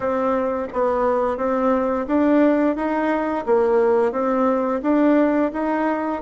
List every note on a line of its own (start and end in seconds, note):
0.00 0.67 C4
0.72 1.37 B3
1.37 2.06 C4
2.07 2.76 D4
2.76 3.45 D#4
3.45 4.12 A#3
4.12 4.81 C4
4.82 5.51 D4
5.53 6.21 D#4